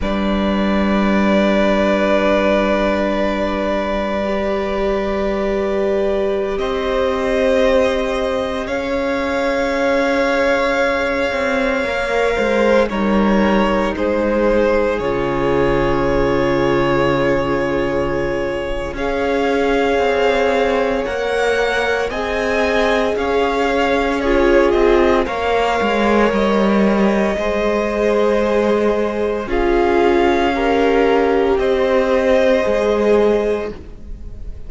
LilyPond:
<<
  \new Staff \with { instrumentName = "violin" } { \time 4/4 \tempo 4 = 57 d''1~ | d''2~ d''16 dis''4.~ dis''16~ | dis''16 f''2.~ f''8.~ | f''16 cis''4 c''4 cis''4.~ cis''16~ |
cis''2 f''2 | fis''4 gis''4 f''4 cis''8 dis''8 | f''4 dis''2. | f''2 dis''2 | }
  \new Staff \with { instrumentName = "violin" } { \time 4/4 b'1~ | b'2~ b'16 c''4.~ c''16~ | c''16 cis''2.~ cis''8 c''16~ | c''16 ais'4 gis'2~ gis'8.~ |
gis'2 cis''2~ | cis''4 dis''4 cis''4 gis'4 | cis''2 c''2 | gis'4 ais'4 c''2 | }
  \new Staff \with { instrumentName = "viola" } { \time 4/4 d'1 | g'1~ | g'16 gis'2. ais'8.~ | ais'16 dis'2 f'4.~ f'16~ |
f'2 gis'2 | ais'4 gis'2 f'4 | ais'2 gis'2 | f'4 g'2 gis'4 | }
  \new Staff \with { instrumentName = "cello" } { \time 4/4 g1~ | g2~ g16 c'4.~ c'16~ | c'16 cis'2~ cis'8 c'8 ais8 gis16~ | gis16 g4 gis4 cis4.~ cis16~ |
cis2 cis'4 c'4 | ais4 c'4 cis'4. c'8 | ais8 gis8 g4 gis2 | cis'2 c'4 gis4 | }
>>